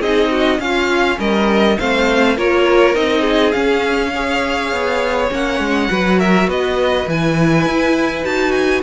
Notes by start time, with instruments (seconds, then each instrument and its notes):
0.00 cello C4, viola D#4, violin G#4 D#5
0.30 violin F#4
0.59 viola C#4, cello C#4, violin F4 F5
1.19 cello G3, violin A#4 D#5
1.79 cello A3, viola C4, violin C5 F5
2.37 cello A#3, viola F4, violin A#4 C#5
2.94 cello C4, viola D#4, violin D#5
3.20 violin G#4
3.52 viola C#4, cello C#4, violin F5
4.15 viola G#4, violin C#5
4.72 cello B3
5.31 cello A#3, viola C#4, violin F#5
5.60 cello G#3
5.90 cello F#3, viola F#4, violin B4
6.19 violin A#4 E5
6.47 cello B3, violin B4 D#5
7.07 cello E3, viola E4, violin G#5
7.66 cello E4
8.24 cello D#4, viola F#4, violin A5
8.52 violin G#5